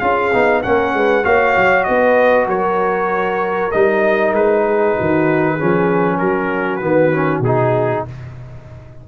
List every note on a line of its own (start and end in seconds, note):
0.00 0.33 C#4
0.00 0.32 F4
0.00 0.63 G#4
0.00 0.62 F5
0.33 0.65 B3
0.33 0.64 D#4
0.63 0.94 A#3
0.63 1.24 C#4
0.63 0.96 A#4
0.63 1.25 F#5
0.94 1.25 G#3
0.94 1.25 B4
1.24 1.57 A#3
1.24 3.71 F#4
1.24 1.87 C#5
1.24 1.84 F5
1.57 1.88 F#3
1.84 2.48 B3
1.84 2.48 B4
1.84 2.46 D#5
2.48 3.71 F#3
2.48 4.65 A#4
2.48 3.72 C#5
3.72 4.33 G3
3.72 5.59 D#4
3.72 4.34 D#5
4.33 4.95 G#3
4.33 6.19 B4
4.66 4.97 G#4
4.97 5.62 D#3
4.97 5.55 F#4
5.55 6.82 C#4
5.55 6.16 G#4
5.62 6.22 F3
6.19 6.82 F#3
6.19 8.05 F#4
6.19 6.77 A#4
6.77 7.41 D#3
6.77 7.13 B3
6.77 7.39 B4
7.13 7.44 C#4
7.41 8.03 B2
7.41 8.08 D#4
7.41 8.06 G#4